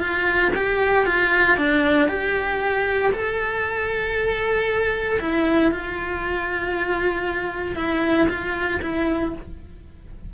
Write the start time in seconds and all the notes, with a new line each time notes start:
0.00 F4
0.55 G4
1.06 F4
1.58 D4
2.09 G4
3.13 A4
5.20 E4
5.72 F4
7.76 E4
8.29 F4
8.82 E4